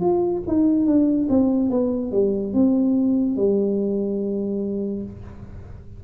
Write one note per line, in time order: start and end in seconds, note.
0.00 0.42 F4
0.47 0.86 D#4
0.86 1.27 D4
1.29 1.70 C4
1.70 2.11 B3
2.11 2.53 G3
2.53 3.36 C4
3.36 5.03 G3